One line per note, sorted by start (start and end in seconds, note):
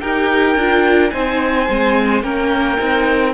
0.00 0.56 D#4
0.00 0.57 G4
0.00 1.12 A#4
0.00 1.10 G5
0.56 1.11 D4
0.56 1.11 F4
1.10 1.69 C4
1.10 1.67 D#4
1.10 2.23 C5
1.10 2.21 G#5
1.69 2.23 G#3
1.69 2.23 C4
2.22 2.78 A#3
2.22 2.77 C#4
2.22 3.33 A#4
2.22 3.33 G5
2.77 3.33 C4
2.77 3.33 D#4